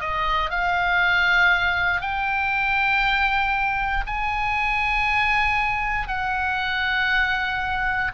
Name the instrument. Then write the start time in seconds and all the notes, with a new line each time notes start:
oboe
0.00 D#5
0.50 F5
2.01 G5
4.06 G#5
6.08 F#5